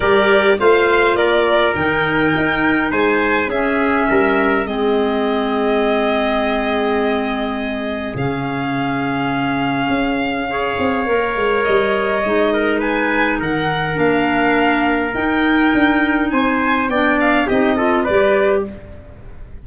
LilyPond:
<<
  \new Staff \with { instrumentName = "violin" } { \time 4/4 \tempo 4 = 103 d''4 f''4 d''4 g''4~ | g''4 gis''4 e''2 | dis''1~ | dis''2 f''2~ |
f''1 | dis''2 gis''4 fis''4 | f''2 g''2 | gis''4 g''8 f''8 dis''4 d''4 | }
  \new Staff \with { instrumentName = "trumpet" } { \time 4/4 ais'4 c''4 ais'2~ | ais'4 c''4 gis'4 ais'4 | gis'1~ | gis'1~ |
gis'2 cis''2~ | cis''4. ais'8 b'4 ais'4~ | ais'1 | c''4 d''4 g'8 a'8 b'4 | }
  \new Staff \with { instrumentName = "clarinet" } { \time 4/4 g'4 f'2 dis'4~ | dis'2 cis'2 | c'1~ | c'2 cis'2~ |
cis'2 gis'4 ais'4~ | ais'4 dis'2. | d'2 dis'2~ | dis'4 d'4 dis'8 f'8 g'4 | }
  \new Staff \with { instrumentName = "tuba" } { \time 4/4 g4 a4 ais4 dis4 | dis'4 gis4 cis'4 g4 | gis1~ | gis2 cis2~ |
cis4 cis'4. c'8 ais8 gis8 | g4 gis2 dis4 | ais2 dis'4 d'4 | c'4 b4 c'4 g4 | }
>>